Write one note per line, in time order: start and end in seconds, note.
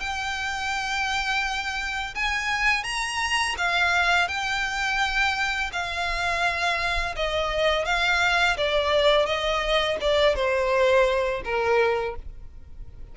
0.00 2.14 G5
2.15 2.83 G#5
2.83 3.55 A#5
3.57 4.28 F5
4.28 5.71 G5
5.72 7.15 F5
7.16 7.85 D#5
7.85 8.56 F5
8.57 9.26 D5
9.26 9.97 D#5
10.01 10.35 D5
10.35 11.42 C5
11.44 12.16 A#4